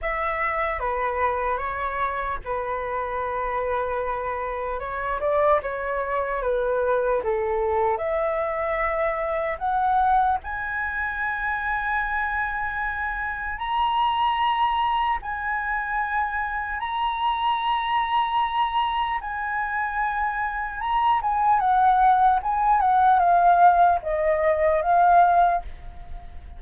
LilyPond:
\new Staff \with { instrumentName = "flute" } { \time 4/4 \tempo 4 = 75 e''4 b'4 cis''4 b'4~ | b'2 cis''8 d''8 cis''4 | b'4 a'4 e''2 | fis''4 gis''2.~ |
gis''4 ais''2 gis''4~ | gis''4 ais''2. | gis''2 ais''8 gis''8 fis''4 | gis''8 fis''8 f''4 dis''4 f''4 | }